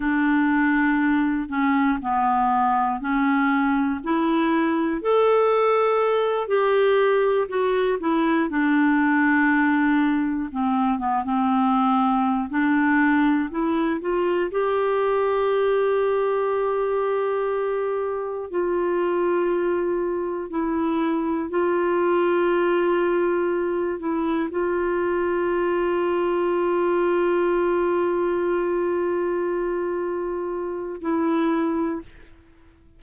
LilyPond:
\new Staff \with { instrumentName = "clarinet" } { \time 4/4 \tempo 4 = 60 d'4. cis'8 b4 cis'4 | e'4 a'4. g'4 fis'8 | e'8 d'2 c'8 b16 c'8.~ | c'8 d'4 e'8 f'8 g'4.~ |
g'2~ g'8 f'4.~ | f'8 e'4 f'2~ f'8 | e'8 f'2.~ f'8~ | f'2. e'4 | }